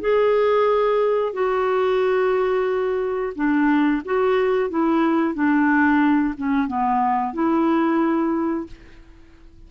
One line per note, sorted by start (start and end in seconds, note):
0.00 1.33 G#4
1.33 3.33 F#4
3.35 4.02 D4
4.05 4.69 F#4
4.69 5.34 E4
5.34 6.34 D4
6.37 6.67 C#4
6.67 7.33 B3
7.33 8.66 E4